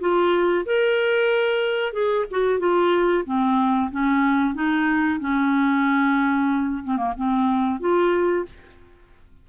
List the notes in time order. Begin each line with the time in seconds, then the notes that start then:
0.00 F4
0.66 A#4
1.93 G#4
2.31 F#4
2.59 F4
3.25 C4
3.91 C#4
4.55 D#4
5.20 C#4
6.84 C4
6.97 A#3
7.17 C4
7.80 F4